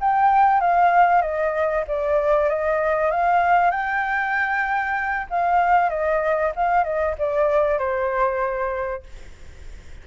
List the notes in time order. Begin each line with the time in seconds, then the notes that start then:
0.00 G5
0.60 F5
1.21 D#5
1.87 D5
2.49 D#5
3.11 F5
3.70 G5
5.30 F5
5.89 D#5
6.55 F5
6.84 D#5
7.18 D5
7.78 C5